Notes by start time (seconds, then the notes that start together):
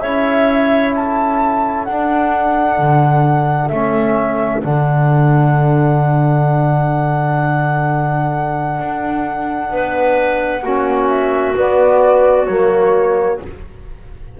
0.00 C#4 E4 C#5 E5
0.94 A4 A5
1.84 D4 F#5
2.78 D3
3.68 A3 C#4 E5
4.61 D3 D4 F#5
8.79 D4
9.70 B3 B4
10.62 A#3 C#4 F#4
11.08 E5
11.53 B3 D5
12.46 F#3 A#3 C#5